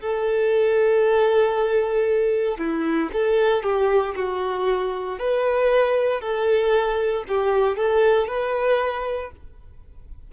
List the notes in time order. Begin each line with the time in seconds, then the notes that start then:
0.00 A4
2.58 E4
3.13 A4
3.63 G4
4.15 F#4
5.19 B4
6.20 A4
7.28 G4
7.77 A4
8.27 B4